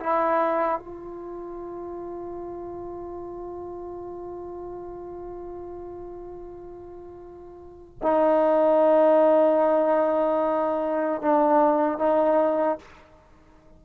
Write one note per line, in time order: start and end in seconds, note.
0.00 0.79 E4
0.79 7.99 F4
8.02 11.22 D#4
11.22 11.98 D4
11.98 12.79 D#4